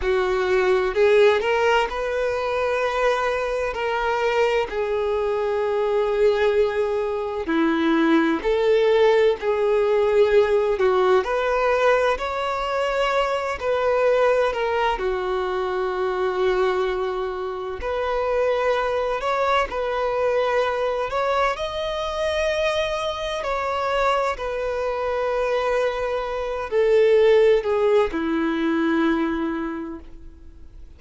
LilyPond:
\new Staff \with { instrumentName = "violin" } { \time 4/4 \tempo 4 = 64 fis'4 gis'8 ais'8 b'2 | ais'4 gis'2. | e'4 a'4 gis'4. fis'8 | b'4 cis''4. b'4 ais'8 |
fis'2. b'4~ | b'8 cis''8 b'4. cis''8 dis''4~ | dis''4 cis''4 b'2~ | b'8 a'4 gis'8 e'2 | }